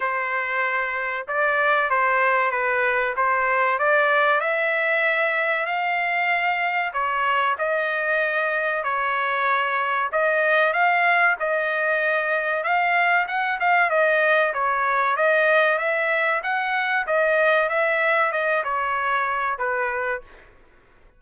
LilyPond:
\new Staff \with { instrumentName = "trumpet" } { \time 4/4 \tempo 4 = 95 c''2 d''4 c''4 | b'4 c''4 d''4 e''4~ | e''4 f''2 cis''4 | dis''2 cis''2 |
dis''4 f''4 dis''2 | f''4 fis''8 f''8 dis''4 cis''4 | dis''4 e''4 fis''4 dis''4 | e''4 dis''8 cis''4. b'4 | }